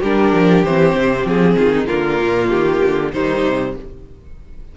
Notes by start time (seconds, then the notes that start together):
0.00 G3 D4 G4 A#4
0.33 F3
0.64 E3 C4 C5
0.95 C3
1.25 F3 G#4
1.57 D#3 F4
1.73 D#4
1.86 D3 A#3 F4 A#4
2.21 A#2
2.50 D#3 G4
2.85 D3
3.13 D#3 G3 D#4 C5
3.45 C3